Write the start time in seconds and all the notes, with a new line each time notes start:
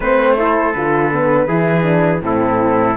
0.00 A3 C4 B4 C5
0.37 E4 A4
0.73 D3 F4 B4
1.11 B3
1.47 E3 E4 G#4
1.82 D4
2.21 A2 C4 E4 A4